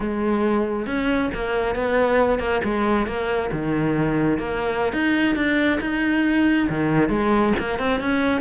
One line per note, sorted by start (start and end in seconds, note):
0.00 0.86 G#3
0.86 1.30 C#4
1.34 1.75 A#3
1.75 2.39 B3
2.39 2.61 A#3
2.64 3.06 G#3
3.06 3.50 A#3
3.52 4.38 D#3
4.38 4.92 A#3
4.92 5.35 D#4
5.35 5.79 D4
5.80 6.68 D#4
6.69 7.09 D#3
7.09 7.53 G#3
7.59 7.78 A#3
7.78 8.00 C4
8.00 8.41 C#4